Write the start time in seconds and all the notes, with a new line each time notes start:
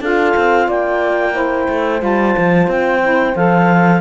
0.00 D4 F4 A4 F5
0.36 C4
0.67 A#3 D5 G5
1.32 E4 C5
1.69 A3
1.98 G3 F4 A5
2.37 F3
2.67 C4 G5
3.02 E4
3.35 F3 A4 F5